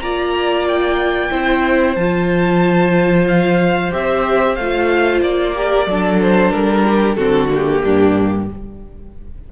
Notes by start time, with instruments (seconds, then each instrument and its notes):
0.00 cello A#3, viola F4, violin D5 A#5
0.68 violin G5
1.31 cello C4, viola E4, violin C5
1.95 cello F3, viola F4, violin A5
3.28 violin F5
3.91 cello C4, viola G4, violin E5
4.56 cello A3, violin F5
4.62 viola F4
5.22 cello A#3, violin D5
5.55 viola G4, violin A#4
5.87 cello F#3, viola D4, violin A4
6.22 violin C5
6.53 cello G3, violin A#4
6.87 violin G4
7.17 cello D3, viola C4, violin F#4 A4
7.50 viola A#3, violin G4
7.83 cello G2, violin D4